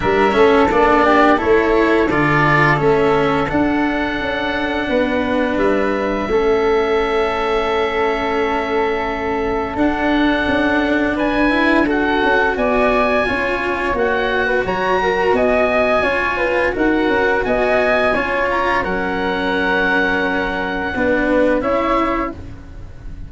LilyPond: <<
  \new Staff \with { instrumentName = "oboe" } { \time 4/4 \tempo 4 = 86 e''4 d''4 cis''4 d''4 | e''4 fis''2. | e''1~ | e''2 fis''2 |
gis''4 fis''4 gis''2 | fis''4 ais''4 gis''2 | fis''4 gis''4. ais''8 fis''4~ | fis''2. e''4 | }
  \new Staff \with { instrumentName = "flute" } { \time 4/4 ais'8 a'4 g'8 a'2~ | a'2. b'4~ | b'4 a'2.~ | a'1 |
b'4 a'4 d''4 cis''4~ | cis''8. b'16 cis''8 ais'8 dis''4 cis''8 b'8 | ais'4 dis''4 cis''4 ais'4~ | ais'2 b'4 cis''4 | }
  \new Staff \with { instrumentName = "cello" } { \time 4/4 d'8 cis'8 d'4 e'4 f'4 | cis'4 d'2.~ | d'4 cis'2.~ | cis'2 d'2~ |
d'8 e'8 fis'2 f'4 | fis'2. f'4 | fis'2 f'4 cis'4~ | cis'2 d'4 e'4 | }
  \new Staff \with { instrumentName = "tuba" } { \time 4/4 g8 a8 ais4 a4 d4 | a4 d'4 cis'4 b4 | g4 a2.~ | a2 d'4 cis'4 |
d'4. cis'8 b4 cis'4 | ais4 fis4 b4 cis'4 | dis'8 cis'8 b4 cis'4 fis4~ | fis2 b4 cis'4 | }
>>